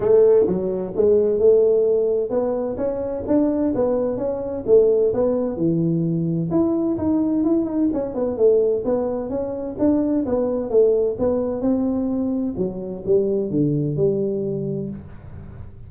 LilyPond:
\new Staff \with { instrumentName = "tuba" } { \time 4/4 \tempo 4 = 129 a4 fis4 gis4 a4~ | a4 b4 cis'4 d'4 | b4 cis'4 a4 b4 | e2 e'4 dis'4 |
e'8 dis'8 cis'8 b8 a4 b4 | cis'4 d'4 b4 a4 | b4 c'2 fis4 | g4 d4 g2 | }